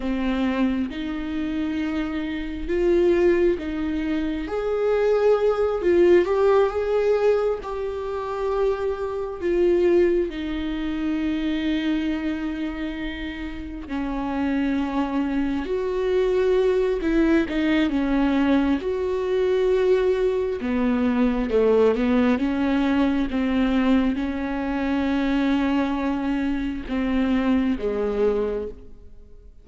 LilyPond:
\new Staff \with { instrumentName = "viola" } { \time 4/4 \tempo 4 = 67 c'4 dis'2 f'4 | dis'4 gis'4. f'8 g'8 gis'8~ | gis'8 g'2 f'4 dis'8~ | dis'2.~ dis'8 cis'8~ |
cis'4. fis'4. e'8 dis'8 | cis'4 fis'2 b4 | a8 b8 cis'4 c'4 cis'4~ | cis'2 c'4 gis4 | }